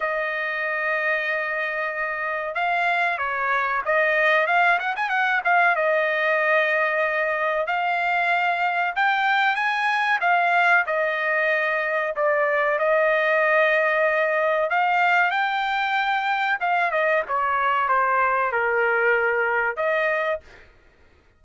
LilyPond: \new Staff \with { instrumentName = "trumpet" } { \time 4/4 \tempo 4 = 94 dis''1 | f''4 cis''4 dis''4 f''8 fis''16 gis''16 | fis''8 f''8 dis''2. | f''2 g''4 gis''4 |
f''4 dis''2 d''4 | dis''2. f''4 | g''2 f''8 dis''8 cis''4 | c''4 ais'2 dis''4 | }